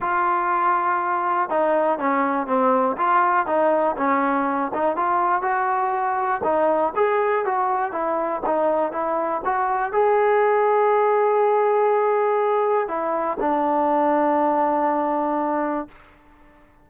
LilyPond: \new Staff \with { instrumentName = "trombone" } { \time 4/4 \tempo 4 = 121 f'2. dis'4 | cis'4 c'4 f'4 dis'4 | cis'4. dis'8 f'4 fis'4~ | fis'4 dis'4 gis'4 fis'4 |
e'4 dis'4 e'4 fis'4 | gis'1~ | gis'2 e'4 d'4~ | d'1 | }